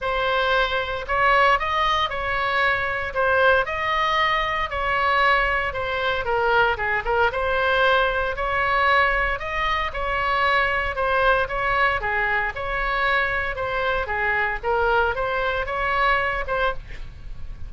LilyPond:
\new Staff \with { instrumentName = "oboe" } { \time 4/4 \tempo 4 = 115 c''2 cis''4 dis''4 | cis''2 c''4 dis''4~ | dis''4 cis''2 c''4 | ais'4 gis'8 ais'8 c''2 |
cis''2 dis''4 cis''4~ | cis''4 c''4 cis''4 gis'4 | cis''2 c''4 gis'4 | ais'4 c''4 cis''4. c''8 | }